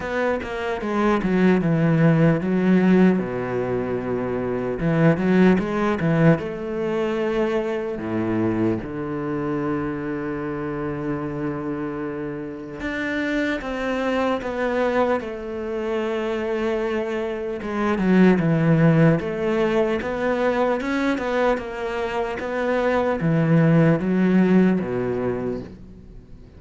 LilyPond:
\new Staff \with { instrumentName = "cello" } { \time 4/4 \tempo 4 = 75 b8 ais8 gis8 fis8 e4 fis4 | b,2 e8 fis8 gis8 e8 | a2 a,4 d4~ | d1 |
d'4 c'4 b4 a4~ | a2 gis8 fis8 e4 | a4 b4 cis'8 b8 ais4 | b4 e4 fis4 b,4 | }